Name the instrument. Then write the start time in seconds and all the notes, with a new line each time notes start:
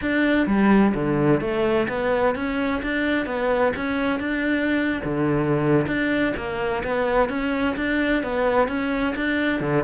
cello
0.01 D4
0.46 G3
0.94 D3
1.40 A3
1.88 B3
2.35 C#4
2.82 D4
3.26 B3
3.76 C#4
4.19 D4
5.04 D3
5.87 D4
6.36 A#3
6.83 B3
7.29 C#4
7.76 D4
8.23 B3
8.68 C#4
9.15 D4
9.60 D3